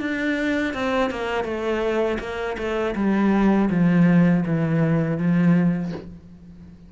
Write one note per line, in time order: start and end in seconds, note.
0.00 0.74 D4
0.74 1.10 C4
1.10 1.44 A#3
1.44 2.19 A3
2.20 2.57 A#3
2.58 2.95 A3
2.96 3.70 G3
3.70 4.44 F3
4.46 5.18 E3
5.18 5.92 F3